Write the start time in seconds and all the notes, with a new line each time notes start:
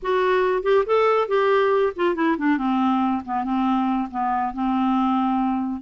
0.02 F#4
0.62 G4
0.86 A4
1.28 G4
1.95 F4
2.15 E4
2.38 D4
2.57 C4
3.25 B3
3.44 C4
4.10 B3
4.53 C4